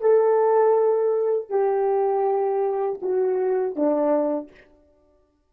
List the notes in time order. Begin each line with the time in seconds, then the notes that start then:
0.00 A4
1.49 G4
3.01 F#4
3.75 D4